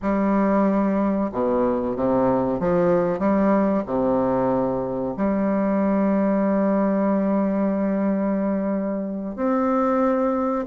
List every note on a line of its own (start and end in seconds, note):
0.01 1.30 G3
1.32 1.96 B2
1.96 2.59 C3
2.59 3.19 F3
3.19 3.83 G3
3.86 5.15 C3
5.16 9.35 G3
9.35 10.65 C4